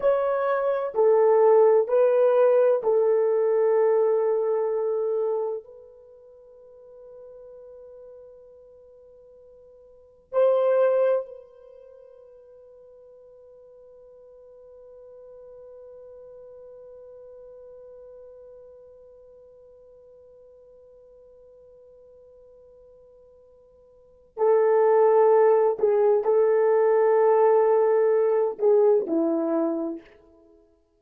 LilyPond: \new Staff \with { instrumentName = "horn" } { \time 4/4 \tempo 4 = 64 cis''4 a'4 b'4 a'4~ | a'2 b'2~ | b'2. c''4 | b'1~ |
b'1~ | b'1~ | b'2 a'4. gis'8 | a'2~ a'8 gis'8 e'4 | }